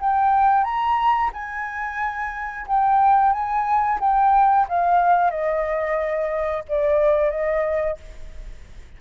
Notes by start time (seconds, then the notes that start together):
0.00 G5
0.64 A#5
1.33 G#5
2.68 G5
3.32 G#5
4.00 G5
4.68 F5
5.31 D#5
6.69 D5
7.31 D#5